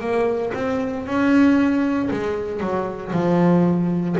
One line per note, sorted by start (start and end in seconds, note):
0.00 0.52 A#3
0.54 1.06 C4
1.06 2.09 C#4
2.10 2.60 G#3
2.60 3.11 F#3
3.12 4.16 F3